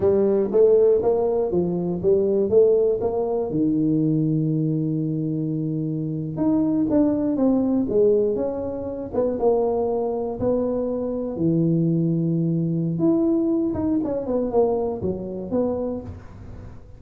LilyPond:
\new Staff \with { instrumentName = "tuba" } { \time 4/4 \tempo 4 = 120 g4 a4 ais4 f4 | g4 a4 ais4 dis4~ | dis1~ | dis8. dis'4 d'4 c'4 gis16~ |
gis8. cis'4. b8 ais4~ ais16~ | ais8. b2 e4~ e16~ | e2 e'4. dis'8 | cis'8 b8 ais4 fis4 b4 | }